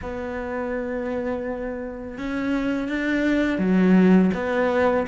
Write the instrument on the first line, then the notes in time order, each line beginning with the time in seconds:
cello
0.02 B3
2.18 C#4
2.88 D4
3.58 F#3
4.34 B3